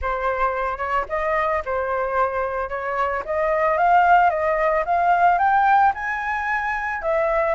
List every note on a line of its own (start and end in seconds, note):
0.01 0.77 C5
0.77 1.04 C#5
1.08 1.62 D#5
1.65 2.69 C5
2.69 3.23 C#5
3.25 3.77 D#5
3.77 4.30 F5
4.30 4.84 D#5
4.85 5.38 F5
5.38 5.92 G5
5.94 7.01 G#5
7.01 7.54 E5